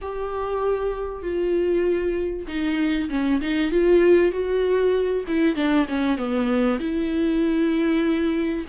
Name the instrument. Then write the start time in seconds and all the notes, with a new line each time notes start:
viola
0.01 G4
1.22 F4
2.47 D#4
3.09 C#4
3.41 D#4
3.71 F4
4.31 F#4
5.27 E4
5.55 D4
5.88 C#4
6.17 B3
6.79 E4